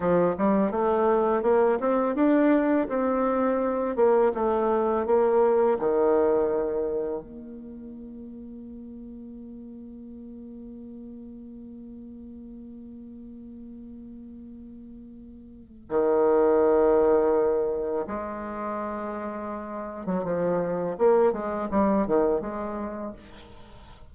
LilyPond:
\new Staff \with { instrumentName = "bassoon" } { \time 4/4 \tempo 4 = 83 f8 g8 a4 ais8 c'8 d'4 | c'4. ais8 a4 ais4 | dis2 ais2~ | ais1~ |
ais1~ | ais2 dis2~ | dis4 gis2~ gis8. fis16 | f4 ais8 gis8 g8 dis8 gis4 | }